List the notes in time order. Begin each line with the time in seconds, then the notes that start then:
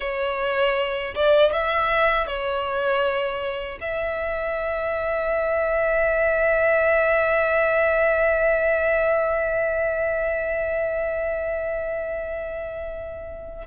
0.00 C#5
1.14 D5
1.52 E5
2.26 C#5
3.80 E5